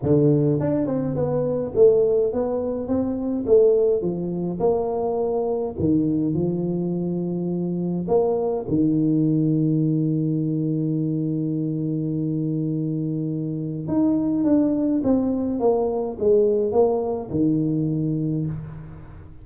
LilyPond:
\new Staff \with { instrumentName = "tuba" } { \time 4/4 \tempo 4 = 104 d4 d'8 c'8 b4 a4 | b4 c'4 a4 f4 | ais2 dis4 f4~ | f2 ais4 dis4~ |
dis1~ | dis1 | dis'4 d'4 c'4 ais4 | gis4 ais4 dis2 | }